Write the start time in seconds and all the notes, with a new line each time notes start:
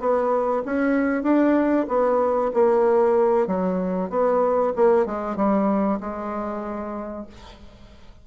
0.00 B3
0.66 C#4
1.24 D4
1.89 B3
2.54 A#3
3.47 F#3
4.10 B3
4.76 A#3
5.06 G#3
5.37 G3
6.01 G#3